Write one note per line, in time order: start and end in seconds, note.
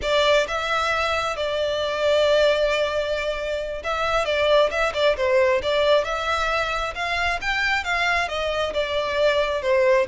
0.01 0.46 D5
0.47 1.36 E5
1.36 3.82 D5
3.83 4.25 E5
4.25 4.69 D5
4.70 4.93 E5
4.94 5.16 D5
5.16 5.61 C5
5.62 6.04 D5
6.04 6.94 E5
6.94 7.39 F5
7.41 7.84 G5
7.84 8.28 F5
8.28 8.73 D#5
8.73 9.62 D5
9.62 10.06 C5